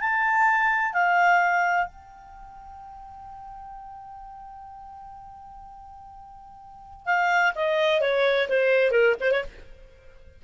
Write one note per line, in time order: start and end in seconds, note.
0.00 0.93 A5
0.93 1.86 F5
1.86 7.05 G5
7.05 7.53 F5
7.55 8.01 D#5
8.01 8.48 C#5
8.49 8.91 C5
8.91 9.15 A#4
9.20 9.32 C5
9.32 9.43 C#5